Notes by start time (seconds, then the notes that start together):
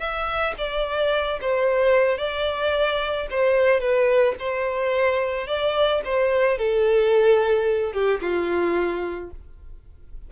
0.00 E5
0.58 D5
1.42 C5
2.18 D5
3.31 C5
3.81 B4
4.40 C5
5.48 D5
6.05 C5
6.59 A4
7.93 G4
8.22 F4